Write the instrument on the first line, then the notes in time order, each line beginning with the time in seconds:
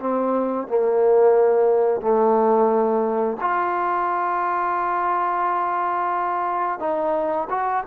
trombone
0.00 C4
0.68 A#3
2.01 A3
3.41 F4
6.80 D#4
7.50 F#4